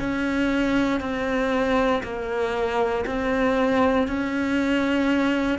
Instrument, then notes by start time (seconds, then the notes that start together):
cello
0.00 C#4
1.01 C4
2.04 A#3
3.06 C4
4.08 C#4